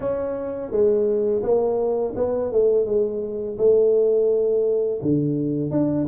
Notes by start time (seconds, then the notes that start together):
0.00 C#4
0.71 G#3
1.43 A#3
2.16 B3
2.52 A3
2.85 G#3
3.57 A3
5.02 D3
5.70 D4